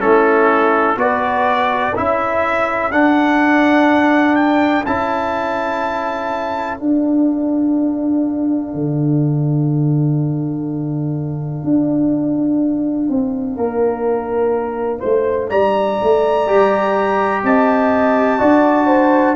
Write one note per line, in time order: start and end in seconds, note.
0.00 0.96 A3
0.00 0.97 C#4
0.00 0.99 E4
0.00 0.98 A4
0.96 1.93 B3
0.96 1.94 F#4
0.96 1.95 B4
0.96 1.96 D5
1.95 2.91 C#4
1.95 2.92 E4
1.95 13.55 A4
1.95 2.92 E5
2.91 4.85 D4
2.91 4.36 F#5
4.36 4.84 G5
4.86 6.80 C#4
4.86 6.79 E4
4.86 6.78 A5
6.78 16.47 D4
6.78 8.74 D4
6.78 15.49 F5
8.74 11.64 D3
11.64 13.09 D4
13.09 13.56 C4
13.55 15.02 A#3
13.55 14.99 A#4
14.99 15.51 A3
14.99 15.48 C5
15.50 15.99 G3
15.50 17.43 D5
15.50 17.44 A#5
16.03 16.50 A3
16.47 17.43 G3
16.47 18.40 G4
17.43 18.40 C4
17.43 18.39 D#5
17.43 19.36 A5
18.39 19.36 D4
18.39 19.36 F#4
18.39 18.87 D5
18.87 19.35 C5